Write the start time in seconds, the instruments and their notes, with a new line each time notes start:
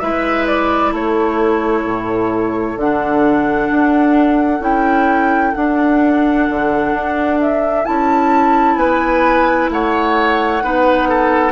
0.00 bassoon G#3, clarinet E4, oboe B4, flute E5
0.47 flute D5
0.92 bassoon A3, oboe A4, flute C#5
1.84 bassoon A2
2.77 bassoon D3, clarinet D4, flute F#5
3.71 bassoon D4
4.60 bassoon C#4, clarinet E4, flute G5
5.55 clarinet D4, bassoon D4, flute F#5
6.50 bassoon D3
6.93 bassoon D4
7.40 flute E5
7.84 bassoon C#4, clarinet E4, flute A5
8.76 bassoon B3, oboe B4, flute G#5
9.70 bassoon A3, oboe C#5, flute F#5
10.63 bassoon B3, clarinet D#4, oboe B4
11.09 oboe A4